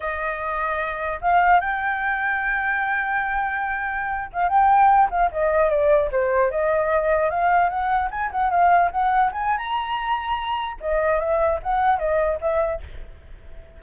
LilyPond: \new Staff \with { instrumentName = "flute" } { \time 4/4 \tempo 4 = 150 dis''2. f''4 | g''1~ | g''2~ g''8. f''8 g''8.~ | g''8. f''8 dis''4 d''4 c''8.~ |
c''16 dis''2 f''4 fis''8.~ | fis''16 gis''8 fis''8 f''4 fis''4 gis''8. | ais''2. dis''4 | e''4 fis''4 dis''4 e''4 | }